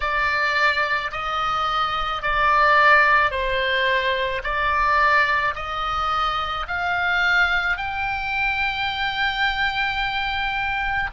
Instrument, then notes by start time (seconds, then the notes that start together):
oboe
0.00 D5
1.11 D#5
2.22 D5
3.30 C5
4.43 D5
5.55 D#5
6.67 F5
7.77 G5